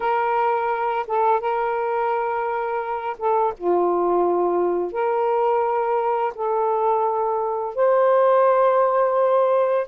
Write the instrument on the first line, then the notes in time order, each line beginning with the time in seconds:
saxophone
0.00 A#4
1.07 A4
1.40 A#4
3.18 A4
3.57 F4
4.92 A#4
6.34 A4
7.75 C5